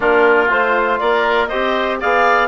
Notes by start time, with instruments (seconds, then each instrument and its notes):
0.00 bassoon A#3, trombone D4, oboe F4, clarinet A#4
0.49 bassoon A3, trombone F4, clarinet C5
0.99 bassoon A#3, oboe A#4, clarinet D5
1.47 bassoon C4, trombone G4, oboe C5, clarinet D#5
2.00 bassoon B3, trombone G#4, oboe D5, clarinet F5